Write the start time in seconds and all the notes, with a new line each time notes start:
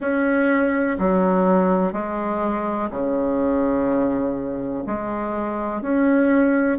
0.00 C#4
0.99 F#3
1.93 G#3
2.90 C#3
4.86 G#3
5.81 C#4